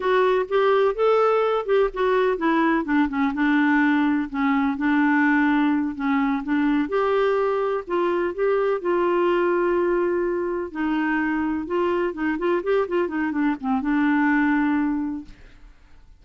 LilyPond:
\new Staff \with { instrumentName = "clarinet" } { \time 4/4 \tempo 4 = 126 fis'4 g'4 a'4. g'8 | fis'4 e'4 d'8 cis'8 d'4~ | d'4 cis'4 d'2~ | d'8 cis'4 d'4 g'4.~ |
g'8 f'4 g'4 f'4.~ | f'2~ f'8 dis'4.~ | dis'8 f'4 dis'8 f'8 g'8 f'8 dis'8 | d'8 c'8 d'2. | }